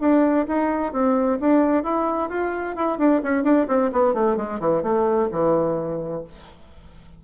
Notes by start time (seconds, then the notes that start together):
0.00 D4
0.47 D#4
0.92 C4
1.40 D4
1.83 E4
2.30 F4
2.76 E4
2.98 D4
3.23 C#4
3.43 D4
3.68 C4
3.92 B3
4.14 A3
4.36 G#3
4.60 E3
4.83 A3
5.31 E3